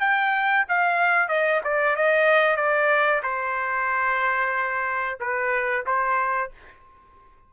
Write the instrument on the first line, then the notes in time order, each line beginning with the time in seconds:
trumpet
0.00 G5
0.68 F5
1.28 D#5
1.64 D5
1.96 D#5
2.56 D5
3.23 C5
5.20 B4
5.86 C5